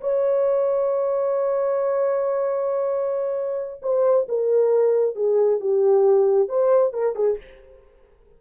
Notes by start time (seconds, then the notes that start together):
0.00 C#5
3.82 C5
4.28 A#4
5.15 G#4
5.60 G4
6.48 C5
6.92 A#4
7.15 G#4